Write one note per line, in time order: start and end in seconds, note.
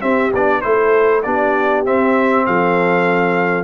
0.00 0.30 C4
0.00 0.32 C4
0.00 0.61 G4
0.00 0.31 E5
0.33 0.63 B3
0.33 0.62 D4
0.33 0.61 D5
0.61 1.25 A3
0.61 1.23 E4
0.61 1.24 A4
0.61 1.21 C5
1.23 1.86 B3
1.23 1.84 D4
1.23 2.45 G4
1.23 1.83 D5
1.84 3.63 C4
1.84 2.46 C4
1.84 2.46 E5
2.45 3.63 F3
2.45 3.63 A4
2.45 3.63 F5